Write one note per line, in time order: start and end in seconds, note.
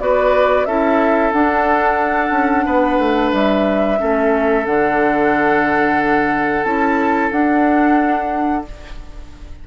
0.00 0.66 B3
0.00 0.67 F#4
0.00 0.68 B4
0.00 0.66 D5
0.66 1.33 C#4
0.66 1.33 E4
0.66 2.66 A4
0.66 1.32 E5
1.33 2.31 D4
1.33 3.99 D4
1.33 3.32 F#5
2.31 2.64 C#4
2.66 2.99 B3
2.66 3.99 B4
2.99 3.32 A3
3.32 4.00 G3
3.32 4.66 E5
3.99 4.67 A3
3.99 4.65 C#4
3.99 8.68 A4
4.66 6.64 D3
4.66 6.65 D4
4.66 6.64 F#5
6.64 7.31 C#4
6.64 7.32 E4
6.64 7.31 A5
7.32 8.65 D4
7.32 8.65 F#5